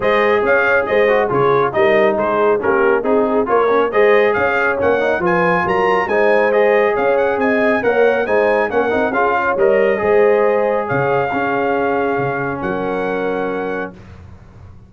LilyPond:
<<
  \new Staff \with { instrumentName = "trumpet" } { \time 4/4 \tempo 4 = 138 dis''4 f''4 dis''4 cis''4 | dis''4 c''4 ais'4 gis'4 | cis''4 dis''4 f''4 fis''4 | gis''4 ais''4 gis''4 dis''4 |
f''8 fis''8 gis''4 fis''4 gis''4 | fis''4 f''4 dis''2~ | dis''4 f''2.~ | f''4 fis''2. | }
  \new Staff \with { instrumentName = "horn" } { \time 4/4 c''4 cis''4 c''4 gis'4 | ais'4 gis'4 g'4 gis'4 | ais'4 c''4 cis''2 | b'4 ais'4 c''2 |
cis''4 dis''4 cis''4 c''4 | ais'4 gis'8 cis''4. c''4~ | c''4 cis''4 gis'2~ | gis'4 ais'2. | }
  \new Staff \with { instrumentName = "trombone" } { \time 4/4 gis'2~ gis'8 fis'8 f'4 | dis'2 cis'4 dis'4 | f'8 cis'8 gis'2 cis'8 dis'8 | f'2 dis'4 gis'4~ |
gis'2 ais'4 dis'4 | cis'8 dis'8 f'4 ais'4 gis'4~ | gis'2 cis'2~ | cis'1 | }
  \new Staff \with { instrumentName = "tuba" } { \time 4/4 gis4 cis'4 gis4 cis4 | g4 gis4 ais4 c'4 | ais4 gis4 cis'4 ais4 | f4 fis4 gis2 |
cis'4 c'4 ais4 gis4 | ais8 c'8 cis'4 g4 gis4~ | gis4 cis4 cis'2 | cis4 fis2. | }
>>